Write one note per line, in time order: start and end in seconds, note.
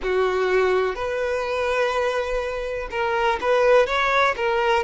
0.02 0.95 F#4
0.95 2.88 B4
2.90 3.39 A#4
3.40 3.86 B4
3.86 4.34 C#5
4.36 4.83 A#4